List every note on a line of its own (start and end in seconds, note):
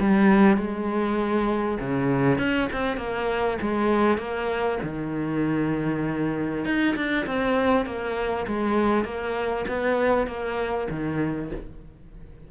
0.00 0.57 G3
0.57 1.79 G#3
1.80 2.38 C#3
2.38 2.69 C#4
2.73 2.98 C4
2.98 3.58 A#3
3.61 4.18 G#3
4.18 4.79 A#3
4.83 6.65 D#3
6.65 6.96 D#4
6.96 7.26 D4
7.26 7.86 C4
7.86 8.47 A#3
8.47 9.05 G#3
9.05 9.66 A#3
9.68 10.27 B3
10.27 10.88 A#3
10.90 11.51 D#3